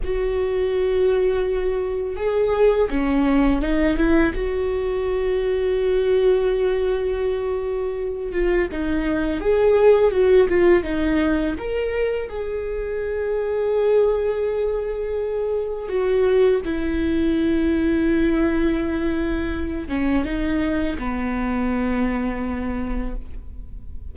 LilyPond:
\new Staff \with { instrumentName = "viola" } { \time 4/4 \tempo 4 = 83 fis'2. gis'4 | cis'4 dis'8 e'8 fis'2~ | fis'2.~ fis'8 f'8 | dis'4 gis'4 fis'8 f'8 dis'4 |
ais'4 gis'2.~ | gis'2 fis'4 e'4~ | e'2.~ e'8 cis'8 | dis'4 b2. | }